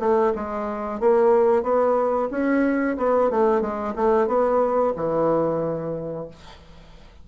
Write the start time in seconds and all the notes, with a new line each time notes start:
0.00 A3
0.35 G#3
1.00 A#3
1.63 B3
2.31 C#4
2.97 B3
3.30 A3
3.61 G#3
3.96 A3
4.27 B3
4.96 E3